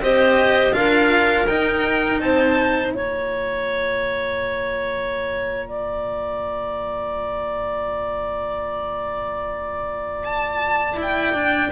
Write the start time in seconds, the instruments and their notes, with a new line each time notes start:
0.00 double bass C4, cello G4, clarinet C5, violin D#5
0.73 double bass D4, cello F4, clarinet A#4, violin F5
1.47 double bass D#4, cello D#4, violin G5
2.21 double bass C4, clarinet C5, violin A5
2.91 double bass A#3, cello F4, clarinet C#5, violin A#5
5.69 clarinet D5
10.25 violin A5
10.97 cello E4, violin G5
11.34 cello D4